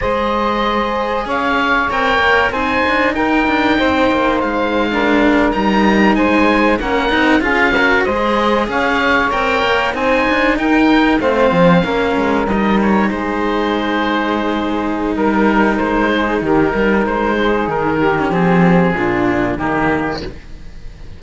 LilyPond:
<<
  \new Staff \with { instrumentName = "oboe" } { \time 4/4 \tempo 4 = 95 dis''2 f''4 g''4 | gis''4 g''2 f''4~ | f''8. ais''4 gis''4 fis''4 f''16~ | f''8. dis''4 f''4 g''4 gis''16~ |
gis''8. g''4 f''2 dis''16~ | dis''16 cis''8 c''2.~ c''16 | ais'4 c''4 ais'4 c''4 | ais'4 gis'2 g'4 | }
  \new Staff \with { instrumentName = "saxophone" } { \time 4/4 c''2 cis''2 | c''4 ais'4 c''4.~ c''16 ais'16~ | ais'4.~ ais'16 c''4 ais'4 gis'16~ | gis'16 ais'8 c''4 cis''2 c''16~ |
c''8. ais'4 c''4 ais'4~ ais'16~ | ais'8. gis'2.~ gis'16 | ais'4. gis'8 g'8 ais'4 gis'8~ | gis'8 g'4. f'4 dis'4 | }
  \new Staff \with { instrumentName = "cello" } { \time 4/4 gis'2. ais'4 | dis'2.~ dis'8. d'16~ | d'8. dis'2 cis'8 dis'8 f'16~ | f'16 fis'8 gis'2 ais'4 dis'16~ |
dis'4.~ dis'16 c'4 cis'4 dis'16~ | dis'1~ | dis'1~ | dis'8. cis'16 c'4 d'4 ais4 | }
  \new Staff \with { instrumentName = "cello" } { \time 4/4 gis2 cis'4 c'8 ais8 | c'8 d'8 dis'8 d'8 c'8 ais8 gis4~ | gis8. g4 gis4 ais8 c'8 cis'16~ | cis'8. gis4 cis'4 c'8 ais8 c'16~ |
c'16 d'8 dis'4 a8 f8 ais8 gis8 g16~ | g8. gis2.~ gis16 | g4 gis4 dis8 g8 gis4 | dis4 f4 ais,4 dis4 | }
>>